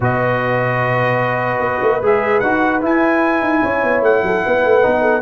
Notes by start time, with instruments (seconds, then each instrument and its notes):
0.00 tuba B2, trombone F#4, horn B4, trumpet D#5
1.59 tuba B3
1.82 tuba A#3
2.01 tuba G#3, trombone G#4, trumpet E5
2.39 tuba D#4, trombone F#4, trumpet F#5
2.81 trombone E4, tuba E4, trumpet G#5
3.41 tuba D#4
3.62 tuba C#4, horn C#5
3.83 tuba B3
4.01 tuba A3, trumpet F#5
4.22 tuba F#3, horn A4
4.45 tuba B3, horn B4
4.64 tuba A3
4.81 tuba B3, trombone D#4
5.01 horn A4